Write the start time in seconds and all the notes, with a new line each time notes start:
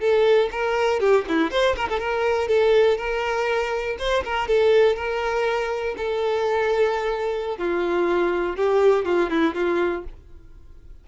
0.00 A4
0.52 A#4
1.00 G4
1.28 E4
1.51 C5
1.76 A#4
1.89 A4
1.99 A#4
2.48 A4
2.98 A#4
3.99 C5
4.25 A#4
4.47 A4
4.96 A#4
5.97 A4
7.58 F4
8.56 G4
9.05 F4
9.30 E4
9.54 F4